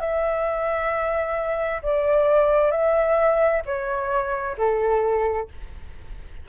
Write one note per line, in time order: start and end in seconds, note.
0.00 1.82 E5
1.82 2.71 D5
2.71 3.62 E5
3.66 4.57 C#5
4.57 5.48 A4